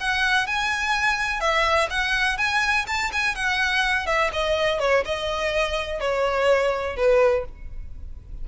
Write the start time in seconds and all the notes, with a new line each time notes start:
0.00 F#5
0.47 G#5
1.40 E5
1.90 F#5
2.38 G#5
2.87 A5
3.13 G#5
3.36 F#5
4.06 E5
4.33 D#5
4.80 C#5
5.05 D#5
6.00 C#5
6.97 B4